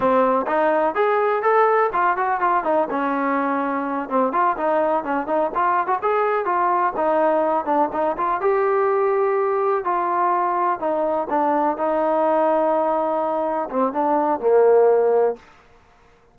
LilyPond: \new Staff \with { instrumentName = "trombone" } { \time 4/4 \tempo 4 = 125 c'4 dis'4 gis'4 a'4 | f'8 fis'8 f'8 dis'8 cis'2~ | cis'8 c'8 f'8 dis'4 cis'8 dis'8 f'8~ | f'16 fis'16 gis'4 f'4 dis'4. |
d'8 dis'8 f'8 g'2~ g'8~ | g'8 f'2 dis'4 d'8~ | d'8 dis'2.~ dis'8~ | dis'8 c'8 d'4 ais2 | }